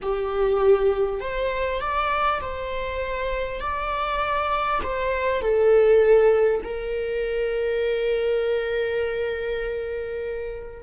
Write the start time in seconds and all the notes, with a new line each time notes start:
0.02 G4
1.20 C5
1.80 D5
2.40 C5
3.60 D5
4.83 C5
5.41 A4
6.63 A#4